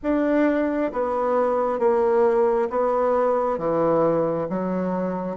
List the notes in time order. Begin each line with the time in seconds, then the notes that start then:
0.02 D4
0.92 B3
1.79 A#3
2.69 B3
3.57 E3
4.49 F#3